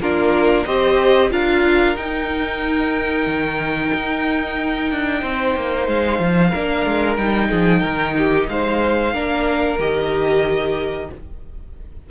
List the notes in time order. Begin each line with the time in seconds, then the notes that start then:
0.00 A#3 D4 F4 A#4
0.65 C4 G4 C5 D#5
1.30 D4 F4 A#4 F5
1.95 D#4 G5
3.26 D#3
3.93 D#4
4.91 D4
5.20 C4 C5
5.55 A#3
5.87 G#3 F5
6.19 F3
6.50 A#3 D4 A#4
6.85 G#3
7.16 G3 D#4 G5
7.48 F3 G#4
7.80 D#3 A#4
8.18 G4
8.48 G#3 C5 F5
9.13 A#3 D4 A#4
9.78 D#3 G4 D#5